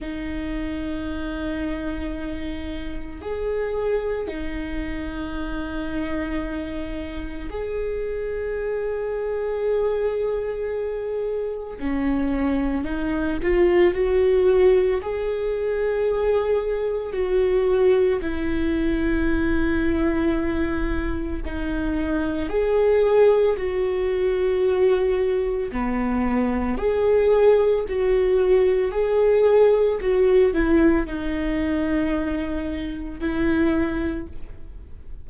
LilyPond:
\new Staff \with { instrumentName = "viola" } { \time 4/4 \tempo 4 = 56 dis'2. gis'4 | dis'2. gis'4~ | gis'2. cis'4 | dis'8 f'8 fis'4 gis'2 |
fis'4 e'2. | dis'4 gis'4 fis'2 | b4 gis'4 fis'4 gis'4 | fis'8 e'8 dis'2 e'4 | }